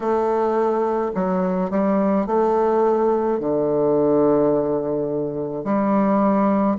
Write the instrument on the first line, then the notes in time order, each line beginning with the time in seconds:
bassoon
0.00 A3
1.14 F#3
1.70 G3
2.26 A3
3.39 D3
5.64 G3